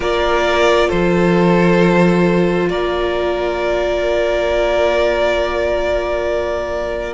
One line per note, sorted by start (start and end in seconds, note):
0.00 0.89 A#3
0.00 7.14 F4
0.00 0.88 A#4
0.00 0.89 D5
0.88 2.69 F3
0.88 2.67 A4
0.88 2.68 C5
2.69 7.14 A#3
2.69 7.14 A#4
2.69 7.14 D5